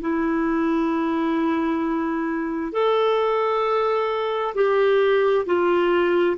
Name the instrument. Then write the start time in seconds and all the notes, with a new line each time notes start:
clarinet
0.00 E4
2.72 A4
4.55 G4
5.45 F4